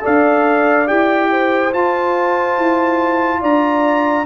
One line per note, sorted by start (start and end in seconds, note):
0.00 0.85 A4
0.00 1.30 D5
0.00 0.87 F5
0.06 0.90 D4
0.86 1.74 E4
0.86 1.71 G4
0.86 1.72 G5
1.30 3.40 C5
1.71 4.25 F4
1.71 2.58 F4
1.71 3.42 A5
2.58 3.42 E4
3.40 4.25 D4
3.40 4.25 D5
3.40 4.25 A#5